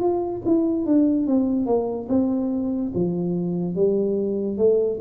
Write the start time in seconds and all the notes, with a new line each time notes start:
0.00 F4
0.45 E4
0.86 D4
1.27 C4
1.66 A#3
2.09 C4
2.94 F3
3.75 G3
4.58 A3